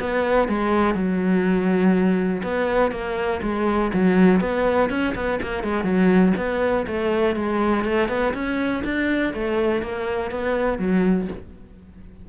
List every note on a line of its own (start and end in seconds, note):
0.00 0.48 B3
0.48 0.95 G#3
0.95 2.43 F#3
2.43 2.92 B3
2.92 3.41 A#3
3.42 3.92 G#3
3.94 4.41 F#3
4.41 4.90 B3
4.90 5.14 C#4
5.15 5.40 B3
5.42 5.64 A#3
5.64 5.84 G#3
5.84 6.33 F#3
6.37 6.87 B3
6.87 7.36 A3
7.36 7.85 G#3
7.85 8.09 A3
8.09 8.34 B3
8.34 8.83 C#4
8.84 9.34 D4
9.34 9.82 A3
9.82 10.31 A#3
10.31 10.79 B3
10.79 11.28 F#3